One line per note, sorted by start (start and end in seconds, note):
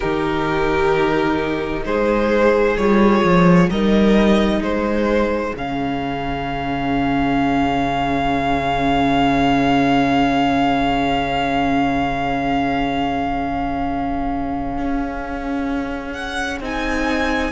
0.00 1.85 D#3
0.00 2.78 D#4
0.00 1.84 G4
0.00 1.83 A#4
1.85 2.77 G#3
1.85 3.70 G#4
1.85 2.77 C5
2.77 3.23 G3
2.77 3.69 F4
2.77 3.69 C#5
3.23 3.70 F3
3.69 4.60 G3
3.69 5.54 D#4
3.69 4.60 A#4
3.69 4.62 D#5
4.60 5.52 G#3
4.60 17.51 G#4
4.60 5.55 C5
5.56 14.78 C#3
5.56 16.62 C#4
5.56 16.12 F5
14.78 16.60 C#4
16.12 16.58 F#5
16.60 17.51 C4
16.60 17.51 D#4
16.60 17.51 G#5